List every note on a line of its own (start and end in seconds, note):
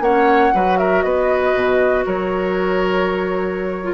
0.00 0.51 A#3
0.00 0.53 C#4
0.00 0.54 C#5
0.00 0.78 F#5
0.53 1.04 F#3
0.53 3.83 F#4
0.53 0.78 B4
0.78 1.04 A#4
0.78 1.02 E5
1.02 1.54 B3
1.02 2.05 B4
1.02 2.04 D#5
1.54 2.05 B2
2.05 3.94 F#3
2.05 3.94 A#4
2.05 3.94 C#5
3.83 3.94 F4